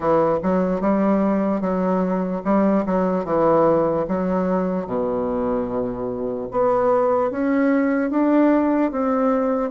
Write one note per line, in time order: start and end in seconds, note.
0.00 0.39 E3
0.42 0.80 F#3
0.80 1.60 G3
1.60 2.41 F#3
2.44 2.85 G3
2.85 3.24 F#3
3.24 4.05 E3
4.08 4.86 F#3
4.86 6.48 B2
6.51 7.30 B3
7.30 8.10 C#4
8.10 8.91 D4
8.91 9.70 C4